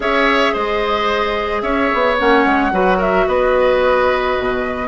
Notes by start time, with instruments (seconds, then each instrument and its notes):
0.00 bassoon C#4, clarinet G#4, oboe C#5, flute E5
0.53 bassoon G#3, oboe C5, flute D#5
1.61 bassoon C#4, oboe C#5, flute E5
1.94 bassoon B3
2.18 bassoon A#3, clarinet C#4, flute F#5
2.45 bassoon G#3
2.71 bassoon F#3, clarinet F#4, oboe B4
2.97 oboe A#4, flute E5
3.27 bassoon B3, oboe B4, flute D#5
4.38 bassoon B2